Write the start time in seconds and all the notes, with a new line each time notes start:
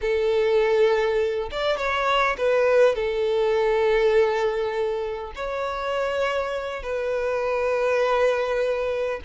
0.01 A4
1.51 D5
1.77 C#5
2.37 B4
2.95 A4
5.35 C#5
6.82 B4